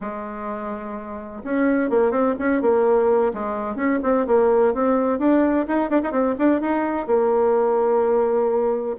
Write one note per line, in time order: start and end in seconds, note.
0.00 1.42 G#3
1.43 1.90 C#4
1.90 2.11 A#3
2.11 2.34 C4
2.39 2.61 C#4
2.61 3.32 A#3
3.33 3.75 G#3
3.75 3.99 C#4
4.03 4.26 C4
4.26 4.74 A#3
4.74 5.18 C4
5.18 5.66 D4
5.67 5.89 D#4
5.89 6.01 D4
6.03 6.11 D#4
6.11 6.35 C4
6.38 6.60 D4
6.60 7.07 D#4
7.07 8.95 A#3